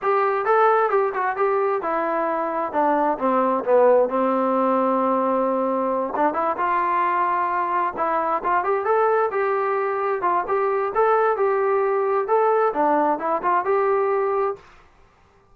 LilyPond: \new Staff \with { instrumentName = "trombone" } { \time 4/4 \tempo 4 = 132 g'4 a'4 g'8 fis'8 g'4 | e'2 d'4 c'4 | b4 c'2.~ | c'4. d'8 e'8 f'4.~ |
f'4. e'4 f'8 g'8 a'8~ | a'8 g'2 f'8 g'4 | a'4 g'2 a'4 | d'4 e'8 f'8 g'2 | }